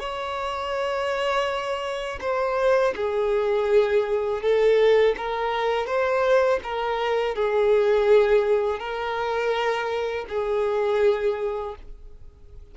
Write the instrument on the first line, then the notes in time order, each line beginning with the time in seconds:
violin
0.00 C#5
2.22 C5
2.96 G#4
4.43 A4
5.18 A#4
5.87 C5
6.64 A#4
7.36 G#4
8.80 A#4
10.29 G#4